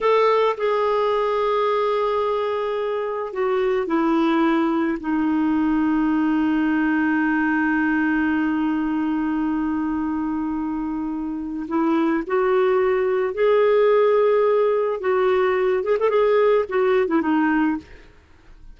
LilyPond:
\new Staff \with { instrumentName = "clarinet" } { \time 4/4 \tempo 4 = 108 a'4 gis'2.~ | gis'2 fis'4 e'4~ | e'4 dis'2.~ | dis'1~ |
dis'1~ | dis'4 e'4 fis'2 | gis'2. fis'4~ | fis'8 gis'16 a'16 gis'4 fis'8. e'16 dis'4 | }